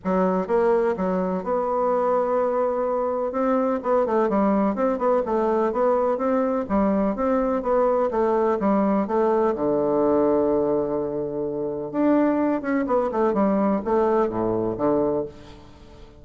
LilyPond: \new Staff \with { instrumentName = "bassoon" } { \time 4/4 \tempo 4 = 126 fis4 ais4 fis4 b4~ | b2. c'4 | b8 a8 g4 c'8 b8 a4 | b4 c'4 g4 c'4 |
b4 a4 g4 a4 | d1~ | d4 d'4. cis'8 b8 a8 | g4 a4 a,4 d4 | }